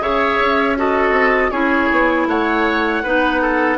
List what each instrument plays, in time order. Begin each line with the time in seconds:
0.00 bassoon C#3, clarinet G#4, oboe C#5, flute E5
0.39 bassoon C#4
0.76 clarinet F#4, oboe A4, flute D#5
1.10 bassoon C4
1.50 bassoon C#4, clarinet E4, oboe G#4, flute C#5
1.91 bassoon B3
2.27 bassoon A3, oboe C#5, flute F#5
3.03 bassoon B3, clarinet D#4, oboe B4
3.41 oboe A4